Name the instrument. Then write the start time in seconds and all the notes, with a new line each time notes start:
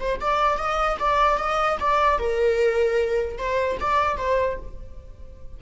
viola
0.00 C5
0.21 D5
0.58 D#5
1.00 D5
1.38 D#5
1.80 D5
2.19 A#4
3.38 C5
3.81 D5
4.18 C5